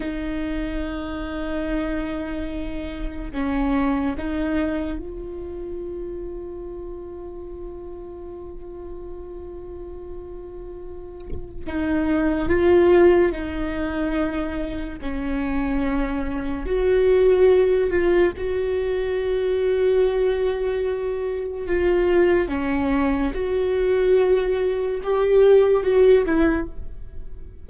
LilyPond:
\new Staff \with { instrumentName = "viola" } { \time 4/4 \tempo 4 = 72 dis'1 | cis'4 dis'4 f'2~ | f'1~ | f'2 dis'4 f'4 |
dis'2 cis'2 | fis'4. f'8 fis'2~ | fis'2 f'4 cis'4 | fis'2 g'4 fis'8 e'8 | }